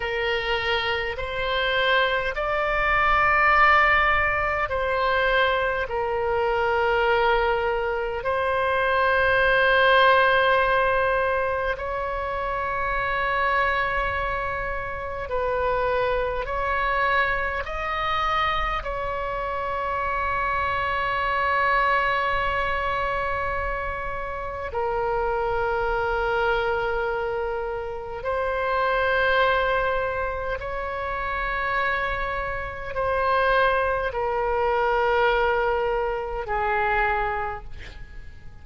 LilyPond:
\new Staff \with { instrumentName = "oboe" } { \time 4/4 \tempo 4 = 51 ais'4 c''4 d''2 | c''4 ais'2 c''4~ | c''2 cis''2~ | cis''4 b'4 cis''4 dis''4 |
cis''1~ | cis''4 ais'2. | c''2 cis''2 | c''4 ais'2 gis'4 | }